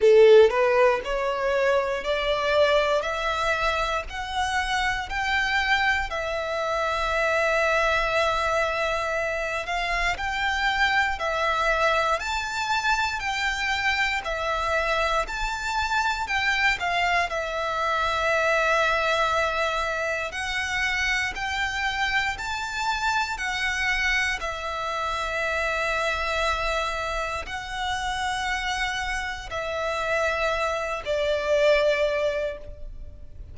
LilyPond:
\new Staff \with { instrumentName = "violin" } { \time 4/4 \tempo 4 = 59 a'8 b'8 cis''4 d''4 e''4 | fis''4 g''4 e''2~ | e''4. f''8 g''4 e''4 | a''4 g''4 e''4 a''4 |
g''8 f''8 e''2. | fis''4 g''4 a''4 fis''4 | e''2. fis''4~ | fis''4 e''4. d''4. | }